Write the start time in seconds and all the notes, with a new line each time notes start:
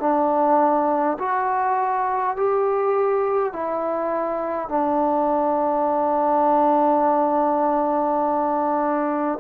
0.00 D4
1.19 F#4
2.36 G4
3.53 E4
4.68 D4